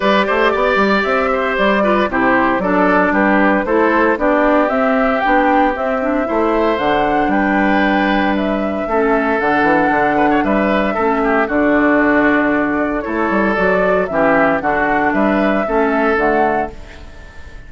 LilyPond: <<
  \new Staff \with { instrumentName = "flute" } { \time 4/4 \tempo 4 = 115 d''2 e''4 d''4 | c''4 d''4 b'4 c''4 | d''4 e''4 g''4 e''4~ | e''4 fis''4 g''2 |
e''2 fis''2 | e''2 d''2~ | d''4 cis''4 d''4 e''4 | fis''4 e''2 fis''4 | }
  \new Staff \with { instrumentName = "oboe" } { \time 4/4 b'8 c''8 d''4. c''4 b'8 | g'4 a'4 g'4 a'4 | g'1 | c''2 b'2~ |
b'4 a'2~ a'8 b'16 cis''16 | b'4 a'8 g'8 fis'2~ | fis'4 a'2 g'4 | fis'4 b'4 a'2 | }
  \new Staff \with { instrumentName = "clarinet" } { \time 4/4 g'2.~ g'8 f'8 | e'4 d'2 e'4 | d'4 c'4 d'4 c'8 d'8 | e'4 d'2.~ |
d'4 cis'4 d'2~ | d'4 cis'4 d'2~ | d'4 e'4 fis'4 cis'4 | d'2 cis'4 a4 | }
  \new Staff \with { instrumentName = "bassoon" } { \time 4/4 g8 a8 b8 g8 c'4 g4 | c4 fis4 g4 a4 | b4 c'4 b4 c'4 | a4 d4 g2~ |
g4 a4 d8 e8 d4 | g4 a4 d2~ | d4 a8 g8 fis4 e4 | d4 g4 a4 d4 | }
>>